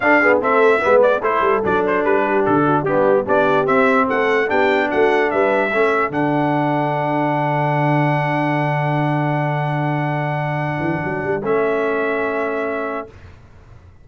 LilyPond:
<<
  \new Staff \with { instrumentName = "trumpet" } { \time 4/4 \tempo 4 = 147 f''4 e''4. d''8 c''4 | d''8 c''8 b'4 a'4 g'4 | d''4 e''4 fis''4 g''4 | fis''4 e''2 fis''4~ |
fis''1~ | fis''1~ | fis''1 | e''1 | }
  \new Staff \with { instrumentName = "horn" } { \time 4/4 a'8 gis'8 a'4 b'4 a'4~ | a'4. g'4 fis'8 d'4 | g'2 a'4 g'4 | fis'4 b'4 a'2~ |
a'1~ | a'1~ | a'1~ | a'1 | }
  \new Staff \with { instrumentName = "trombone" } { \time 4/4 d'8 b8 c'4 b4 e'4 | d'2. b4 | d'4 c'2 d'4~ | d'2 cis'4 d'4~ |
d'1~ | d'1~ | d'1 | cis'1 | }
  \new Staff \with { instrumentName = "tuba" } { \time 4/4 d'4 a4 gis4 a8 g8 | fis4 g4 d4 g4 | b4 c'4 a4 b4 | a4 g4 a4 d4~ |
d1~ | d1~ | d2~ d8 e8 fis8 g8 | a1 | }
>>